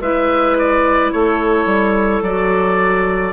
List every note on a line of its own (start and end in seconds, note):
0.00 1.11 G#3
0.00 2.24 E4
0.00 1.12 B4
0.00 0.57 E5
0.58 1.12 D5
1.12 1.65 A3
1.12 3.32 A4
1.12 2.23 C#5
1.65 2.21 G3
2.21 3.32 F#3
2.21 3.32 F#4
2.21 3.32 D5